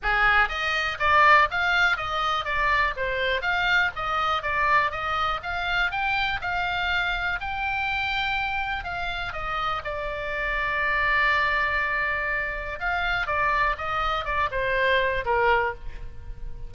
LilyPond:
\new Staff \with { instrumentName = "oboe" } { \time 4/4 \tempo 4 = 122 gis'4 dis''4 d''4 f''4 | dis''4 d''4 c''4 f''4 | dis''4 d''4 dis''4 f''4 | g''4 f''2 g''4~ |
g''2 f''4 dis''4 | d''1~ | d''2 f''4 d''4 | dis''4 d''8 c''4. ais'4 | }